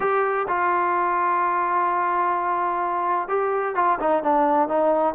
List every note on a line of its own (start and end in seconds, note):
0.00 0.46 G4
0.48 3.28 F4
3.28 3.75 G4
3.75 3.98 F4
3.99 4.23 D#4
4.23 4.68 D4
4.68 5.14 D#4